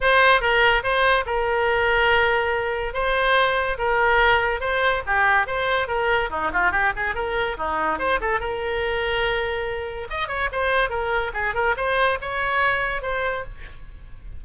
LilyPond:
\new Staff \with { instrumentName = "oboe" } { \time 4/4 \tempo 4 = 143 c''4 ais'4 c''4 ais'4~ | ais'2. c''4~ | c''4 ais'2 c''4 | g'4 c''4 ais'4 dis'8 f'8 |
g'8 gis'8 ais'4 dis'4 c''8 a'8 | ais'1 | dis''8 cis''8 c''4 ais'4 gis'8 ais'8 | c''4 cis''2 c''4 | }